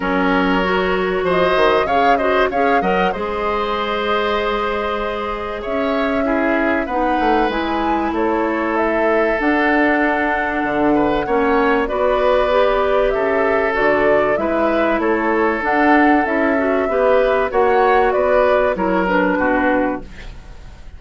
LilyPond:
<<
  \new Staff \with { instrumentName = "flute" } { \time 4/4 \tempo 4 = 96 cis''2 dis''4 f''8 dis''8 | f''8 fis''8 dis''2.~ | dis''4 e''2 fis''4 | gis''4 cis''4 e''4 fis''4~ |
fis''2. d''4~ | d''4 e''4 d''4 e''4 | cis''4 fis''4 e''2 | fis''4 d''4 cis''8 b'4. | }
  \new Staff \with { instrumentName = "oboe" } { \time 4/4 ais'2 c''4 cis''8 c''8 | cis''8 dis''8 c''2.~ | c''4 cis''4 gis'4 b'4~ | b'4 a'2.~ |
a'4. b'8 cis''4 b'4~ | b'4 a'2 b'4 | a'2. b'4 | cis''4 b'4 ais'4 fis'4 | }
  \new Staff \with { instrumentName = "clarinet" } { \time 4/4 cis'4 fis'2 gis'8 fis'8 | gis'8 ais'8 gis'2.~ | gis'2 e'4 dis'4 | e'2. d'4~ |
d'2 cis'4 fis'4 | g'2 fis'4 e'4~ | e'4 d'4 e'8 fis'8 g'4 | fis'2 e'8 d'4. | }
  \new Staff \with { instrumentName = "bassoon" } { \time 4/4 fis2 f8 dis8 cis4 | cis'8 fis8 gis2.~ | gis4 cis'2 b8 a8 | gis4 a2 d'4~ |
d'4 d4 ais4 b4~ | b4 cis4 d4 gis4 | a4 d'4 cis'4 b4 | ais4 b4 fis4 b,4 | }
>>